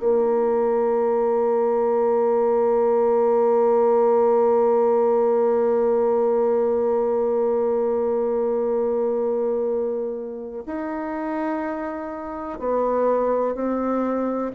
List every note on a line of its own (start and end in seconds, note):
0.00 10.65 A#3
10.66 12.59 D#4
12.59 13.55 B3
13.55 14.52 C4